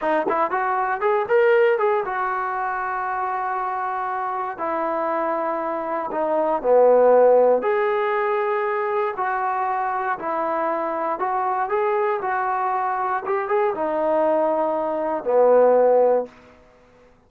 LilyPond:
\new Staff \with { instrumentName = "trombone" } { \time 4/4 \tempo 4 = 118 dis'8 e'8 fis'4 gis'8 ais'4 gis'8 | fis'1~ | fis'4 e'2. | dis'4 b2 gis'4~ |
gis'2 fis'2 | e'2 fis'4 gis'4 | fis'2 g'8 gis'8 dis'4~ | dis'2 b2 | }